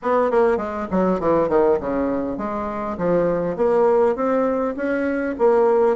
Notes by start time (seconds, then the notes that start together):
0.02 B3
0.31 A#3
0.57 G#3
0.91 F#3
1.19 E3
1.49 D#3
1.80 C#3
2.37 G#3
2.97 F3
3.56 A#3
4.15 C4
4.76 C#4
5.38 A#3